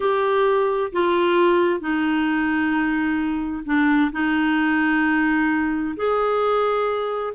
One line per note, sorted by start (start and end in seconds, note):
0.00 0.91 G4
0.92 1.80 F4
1.80 3.63 D#4
3.65 4.11 D4
4.12 5.95 D#4
5.96 7.33 G#4